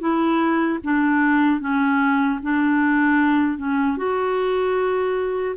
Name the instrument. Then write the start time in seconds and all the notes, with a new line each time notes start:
clarinet
0.00 E4
0.84 D4
1.60 C#4
2.42 D4
3.58 C#4
3.97 F#4